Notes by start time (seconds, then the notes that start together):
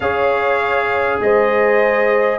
0.00 C#4 G#4 C#5 F5
1.20 G#3 C5 D#5